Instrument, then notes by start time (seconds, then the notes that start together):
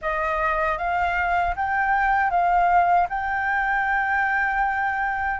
flute
0.01 D#5
0.77 F5
1.56 G5
2.30 F5
3.09 G5